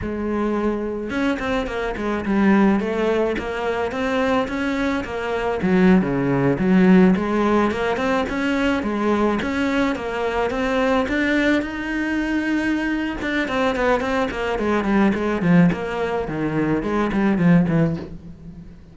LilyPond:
\new Staff \with { instrumentName = "cello" } { \time 4/4 \tempo 4 = 107 gis2 cis'8 c'8 ais8 gis8 | g4 a4 ais4 c'4 | cis'4 ais4 fis8. cis4 fis16~ | fis8. gis4 ais8 c'8 cis'4 gis16~ |
gis8. cis'4 ais4 c'4 d'16~ | d'8. dis'2~ dis'8. d'8 | c'8 b8 c'8 ais8 gis8 g8 gis8 f8 | ais4 dis4 gis8 g8 f8 e8 | }